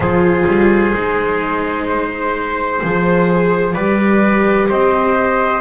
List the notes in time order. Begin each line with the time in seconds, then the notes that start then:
0.00 F3 F4 G#4 C5
0.46 G3
0.94 G#3 D#4
1.89 C5
2.82 F3 G#4
3.73 G3 G4 B4 D5
4.68 C4 C5 D#5